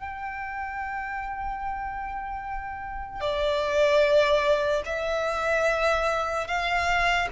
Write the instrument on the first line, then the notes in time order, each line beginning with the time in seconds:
violin
0.00 G5
3.21 D5
4.86 E5
6.48 F5